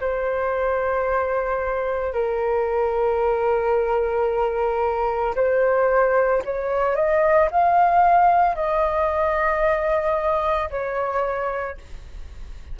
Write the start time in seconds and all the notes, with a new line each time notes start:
0.00 C5
2.13 A#4
5.36 C5
6.45 C#5
6.95 D#5
7.51 F5
8.55 D#5
10.70 C#5